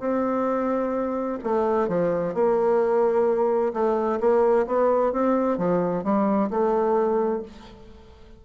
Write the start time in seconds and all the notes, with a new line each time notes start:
0.00 C4
1.44 A3
1.88 F3
2.35 A#3
3.73 A3
4.20 A#3
4.67 B3
5.13 C4
5.58 F3
6.04 G3
6.50 A3